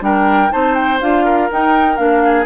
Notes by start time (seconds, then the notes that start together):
0.00 G3 D4 A#4 G5
0.51 C4 D#4 C5 A5
0.74 G5
1.01 D4 F4 F5
1.25 A#4
1.51 D#4 G5
1.96 A#3 D4 F5
2.25 G#4